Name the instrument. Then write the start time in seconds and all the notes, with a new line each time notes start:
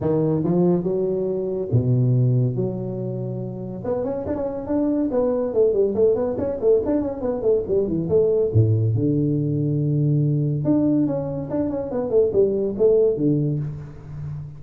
tuba
0.00 D#3
0.44 F3
0.83 F#3
1.71 B2
2.55 F#3
3.84 B3
4.04 C#4
4.26 D4
4.35 C#4
4.67 D4
5.11 B3
5.53 A3
5.73 G3
5.95 A3
6.15 B3
6.38 C#4
6.60 A3
6.85 D4
7.01 C#4
7.21 B3
7.42 A3
7.67 G3
7.87 E3
8.09 A3
8.53 A2
8.94 D3
10.64 D4
11.07 C#4
11.50 D4
11.69 C#4
11.91 B3
12.10 A3
12.32 G3
12.78 A3
13.16 D3